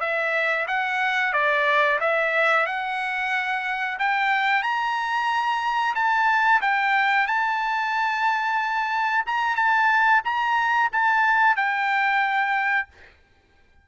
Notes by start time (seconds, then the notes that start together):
0.00 E5
0.67 F#5
1.33 D5
2.00 E5
2.66 F#5
3.99 G5
4.62 A#5
5.95 A5
6.61 G5
7.26 A5
9.26 A#5
9.55 A5
10.24 A#5
10.92 A5
11.56 G5